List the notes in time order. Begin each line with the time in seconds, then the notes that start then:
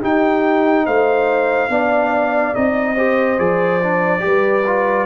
0.00 D#4 G4 G5
0.86 A3 C5 F5
1.69 B3 D4 D5
2.54 C4 D#4 D#5
2.94 G4 C5
3.38 F3 G#4 D5
3.82 D4
4.20 G4 B4
4.26 G3
4.66 F4